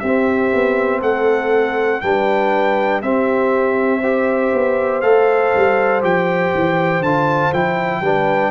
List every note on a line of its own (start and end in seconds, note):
0.00 0.53 C4
0.00 2.03 C4
0.00 1.00 G4
0.00 1.00 E5
0.54 1.01 B3
1.00 2.01 A3
1.00 2.00 A4
1.00 2.01 F#5
2.01 3.03 G3
2.01 3.03 D4
2.01 3.03 B4
2.01 3.01 G5
3.02 4.53 C4
3.02 4.03 C4
3.02 4.01 G4
3.02 5.02 E5
4.01 5.03 G4
4.01 8.01 C5
4.54 5.03 B3
5.02 5.53 A3
5.02 6.02 A4
5.02 6.02 F5
5.55 6.03 G3
6.02 6.53 F3
6.02 7.02 G4
6.02 7.03 G5
6.55 7.01 E3
7.01 7.51 D3
7.01 7.54 F4
7.01 7.53 A5
7.54 8.02 F3
7.54 8.04 E4
7.54 8.52 G5
8.02 8.52 G3
8.02 8.52 D4
8.02 8.52 B4